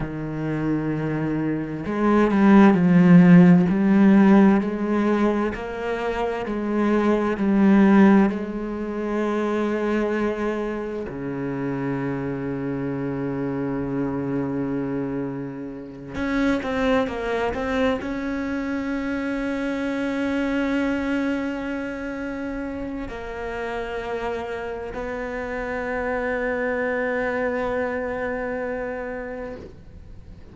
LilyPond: \new Staff \with { instrumentName = "cello" } { \time 4/4 \tempo 4 = 65 dis2 gis8 g8 f4 | g4 gis4 ais4 gis4 | g4 gis2. | cis1~ |
cis4. cis'8 c'8 ais8 c'8 cis'8~ | cis'1~ | cis'4 ais2 b4~ | b1 | }